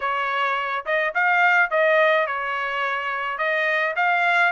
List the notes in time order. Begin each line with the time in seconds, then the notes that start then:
0.00 C#5
0.85 D#5
1.14 F5
1.70 D#5
2.26 C#5
3.38 D#5
3.95 F5